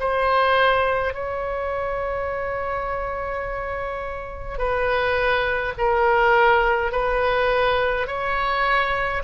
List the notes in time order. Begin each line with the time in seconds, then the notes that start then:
0.00 C5
1.14 C#5
4.58 B4
5.78 A#4
6.92 B4
8.08 C#5